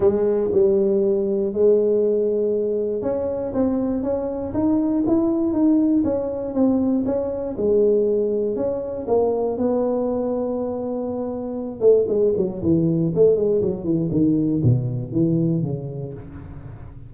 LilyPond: \new Staff \with { instrumentName = "tuba" } { \time 4/4 \tempo 4 = 119 gis4 g2 gis4~ | gis2 cis'4 c'4 | cis'4 dis'4 e'4 dis'4 | cis'4 c'4 cis'4 gis4~ |
gis4 cis'4 ais4 b4~ | b2.~ b8 a8 | gis8 fis8 e4 a8 gis8 fis8 e8 | dis4 b,4 e4 cis4 | }